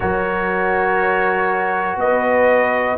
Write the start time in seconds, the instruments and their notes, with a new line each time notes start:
0.00 tuba F#3, trombone F#4, horn A#4, trumpet C#5
1.95 tuba B3, trumpet D#5
2.02 horn B4